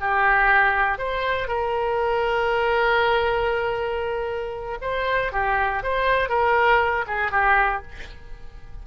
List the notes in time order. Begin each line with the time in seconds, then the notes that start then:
0.00 G4
0.98 C5
1.47 A#4
4.81 C5
5.32 G4
5.83 C5
6.29 A#4
7.07 G#4
7.31 G4